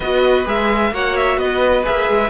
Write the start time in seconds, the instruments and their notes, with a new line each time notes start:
0.00 cello B3, viola F#4, violin B4 D#5
0.45 cello G#3, viola G#4, violin E5
0.91 cello A#3, viola F#4, violin C#5 F#5
1.16 violin E5
1.37 cello B3, violin B4 D#5
1.84 cello A#3, viola G#4, violin E5
2.08 cello G#3